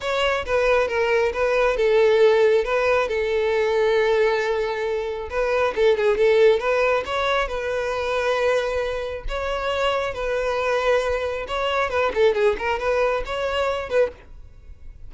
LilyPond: \new Staff \with { instrumentName = "violin" } { \time 4/4 \tempo 4 = 136 cis''4 b'4 ais'4 b'4 | a'2 b'4 a'4~ | a'1 | b'4 a'8 gis'8 a'4 b'4 |
cis''4 b'2.~ | b'4 cis''2 b'4~ | b'2 cis''4 b'8 a'8 | gis'8 ais'8 b'4 cis''4. b'8 | }